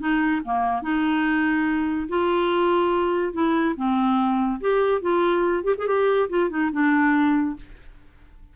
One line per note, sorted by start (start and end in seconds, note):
0.00 0.42 D#4
0.45 0.83 A#3
0.83 2.08 D#4
2.09 3.34 F4
3.34 3.76 E4
3.77 4.61 C4
4.61 5.02 G4
5.02 5.64 F4
5.64 5.75 G4
5.78 5.88 G#4
5.88 6.30 G4
6.30 6.50 F4
6.50 6.71 D#4
6.73 7.57 D4